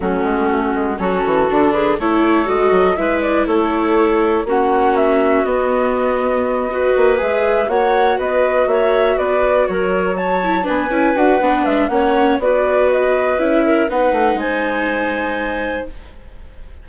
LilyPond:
<<
  \new Staff \with { instrumentName = "flute" } { \time 4/4 \tempo 4 = 121 fis'2 a'4. b'8 | cis''4 dis''4 e''8 d''8 cis''4~ | cis''4 fis''4 e''4 dis''4~ | dis''2~ dis''8 e''4 fis''8~ |
fis''8 dis''4 e''4 d''4 cis''8~ | cis''8 a''4 gis''4 fis''4 e''8 | fis''4 d''4 dis''4 e''4 | fis''4 gis''2. | }
  \new Staff \with { instrumentName = "clarinet" } { \time 4/4 cis'2 fis'4. gis'8 | a'2 b'4 a'4~ | a'4 fis'2.~ | fis'4. b'2 cis''8~ |
cis''8 b'4 cis''4 b'4 ais'8~ | ais'8 cis''4 b'2~ b'8 | cis''4 b'2~ b'8 ais'8 | b'4 c''2. | }
  \new Staff \with { instrumentName = "viola" } { \time 4/4 a2 cis'4 d'4 | e'4 fis'4 e'2~ | e'4 cis'2 b4~ | b4. fis'4 gis'4 fis'8~ |
fis'1~ | fis'4 e'8 d'8 e'8 fis'8 d'4 | cis'4 fis'2 e'4 | dis'1 | }
  \new Staff \with { instrumentName = "bassoon" } { \time 4/4 fis8 gis8 a8 gis8 fis8 e8 d4 | a4 gis8 fis8 gis4 a4~ | a4 ais2 b4~ | b2 ais8 gis4 ais8~ |
ais8 b4 ais4 b4 fis8~ | fis4. b8 cis'8 d'8 b8 gis8 | ais4 b2 cis'4 | b8 a8 gis2. | }
>>